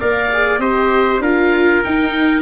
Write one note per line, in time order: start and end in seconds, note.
0.00 0.59 A#3
0.00 0.31 A#4
0.00 0.61 D5
0.00 0.60 F5
0.33 0.60 G#4
0.59 1.20 C4
0.59 1.21 G4
0.59 1.22 C5
0.59 1.21 D#5
1.20 1.81 D4
1.20 1.84 F4
1.20 2.42 A#4
1.20 1.83 F5
1.84 2.42 D#4
1.84 2.42 G5